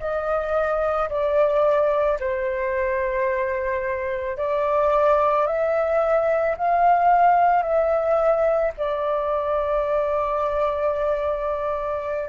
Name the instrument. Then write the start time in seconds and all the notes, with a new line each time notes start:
flute
0.00 D#5
1.10 D5
2.20 C5
4.37 D5
5.47 E5
6.58 F5
7.63 E5
8.77 D5